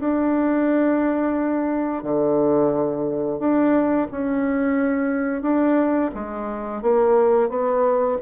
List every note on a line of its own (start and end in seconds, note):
0.00 2.03 D4
2.03 3.39 D3
3.39 4.08 D4
4.11 5.42 C#4
5.42 6.11 D4
6.15 6.82 G#3
6.82 7.50 A#3
7.50 8.18 B3